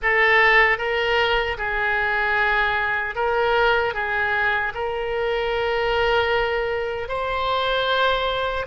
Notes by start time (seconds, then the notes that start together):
0.02 A4
0.78 A#4
1.57 G#4
3.15 A#4
3.93 G#4
4.74 A#4
7.08 C5